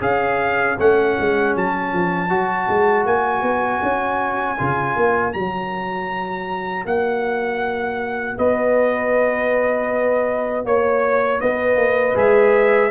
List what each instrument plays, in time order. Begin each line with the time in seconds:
0.00 tuba C#4, trombone G#4, horn C#5, trumpet F5
0.78 tuba A3, trombone C#4, trumpet F#5
1.19 tuba G#3
1.55 tuba F#3, trumpet A5
1.92 tuba F3
2.29 tuba F#3, trombone F#4
2.68 tuba G#3
3.05 tuba A#3, trumpet G#5
3.42 tuba B3
3.82 tuba C#4
4.58 tuba C#3, trombone F4
4.96 tuba A#3
5.32 tuba F#3, trombone F#4, trumpet A#5
6.85 tuba A#3, trumpet F#5
8.37 tuba B3, horn B4, trumpet D#5
10.65 tuba A#3, trumpet C#5, horn C#5
11.40 tuba B3, horn B4, trumpet D#5
11.75 tuba A#3
12.14 tuba G#3, trombone G#4, trumpet E5